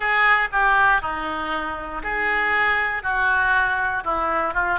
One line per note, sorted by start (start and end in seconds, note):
0.00 0.48 G#4
0.52 1.01 G4
1.01 2.02 D#4
2.03 3.03 G#4
3.03 4.03 F#4
4.04 4.54 E4
4.54 4.79 F4